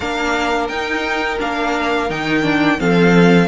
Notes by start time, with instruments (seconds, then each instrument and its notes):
0.00 cello A#3, viola D4, violin A#4 F5
0.68 cello D#4, viola D#4, violin G5
1.39 cello A#3, viola D4, violin F5
2.09 cello D#3, viola D#4, violin G5
2.42 viola D4
2.77 cello F3, viola C4, violin A4 F5